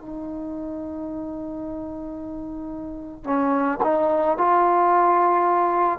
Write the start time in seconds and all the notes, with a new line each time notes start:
0.00 D#4
3.24 C#4
3.83 D#4
4.37 F4